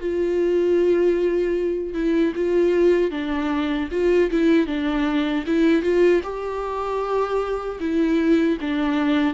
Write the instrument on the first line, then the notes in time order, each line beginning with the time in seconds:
viola
0.00 F4
1.94 E4
2.36 F4
3.11 D4
3.91 F4
4.31 E4
4.67 D4
5.47 E4
5.83 F4
6.23 G4
7.80 E4
8.61 D4